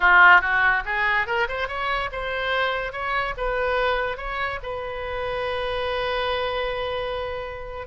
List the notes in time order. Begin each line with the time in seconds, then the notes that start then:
0.00 F4
0.41 F#4
0.85 G#4
1.26 A#4
1.48 C5
1.68 C#5
2.12 C5
2.92 C#5
3.37 B4
4.17 C#5
4.62 B4